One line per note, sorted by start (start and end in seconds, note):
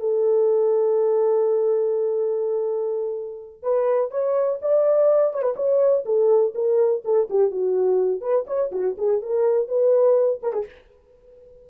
0.00 3.63 A4
3.63 4.11 B4
4.11 4.60 C#5
4.62 5.34 D5
5.34 5.43 C#5
5.43 5.55 B4
5.56 6.05 C#5
6.05 6.54 A4
6.55 7.03 A#4
7.05 7.29 A4
7.30 7.51 G4
7.51 8.21 F#4
8.21 8.46 B4
8.47 8.71 C#5
8.72 8.96 F#4
8.98 9.22 G#4
9.22 9.68 A#4
9.68 10.41 B4
10.43 10.53 A#4
10.53 10.65 G#4